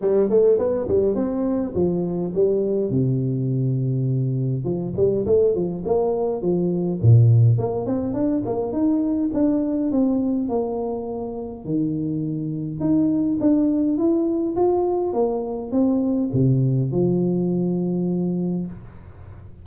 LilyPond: \new Staff \with { instrumentName = "tuba" } { \time 4/4 \tempo 4 = 103 g8 a8 b8 g8 c'4 f4 | g4 c2. | f8 g8 a8 f8 ais4 f4 | ais,4 ais8 c'8 d'8 ais8 dis'4 |
d'4 c'4 ais2 | dis2 dis'4 d'4 | e'4 f'4 ais4 c'4 | c4 f2. | }